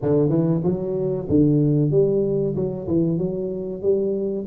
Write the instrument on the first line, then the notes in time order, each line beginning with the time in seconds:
tuba
0.01 D3
0.29 E3
0.63 F#3
1.29 D3
1.91 G3
2.55 F#3
2.87 E3
3.18 F#3
3.82 G3